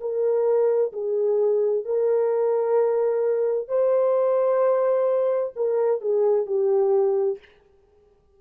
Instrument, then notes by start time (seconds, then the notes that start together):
horn
0.00 A#4
0.93 G#4
1.85 A#4
3.68 C5
5.56 A#4
6.01 G#4
6.46 G4